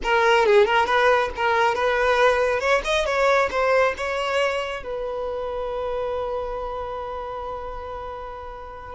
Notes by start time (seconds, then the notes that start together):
0.03 A#4
0.45 G#4
0.65 A#4
0.85 B4
1.36 A#4
1.74 B4
2.60 C#5
2.84 D#5
3.05 C#5
3.50 C5
3.97 C#5
4.83 B4